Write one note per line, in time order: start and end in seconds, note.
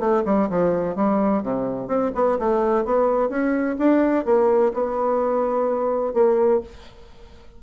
0.00 0.24 A3
0.26 0.50 G3
0.50 0.96 F3
0.96 1.43 G3
1.43 1.88 C3
1.88 2.12 C4
2.15 2.39 B3
2.39 2.85 A3
2.85 3.30 B3
3.30 3.77 C#4
3.79 4.26 D4
4.26 4.73 A#3
4.74 6.14 B3
6.14 6.61 A#3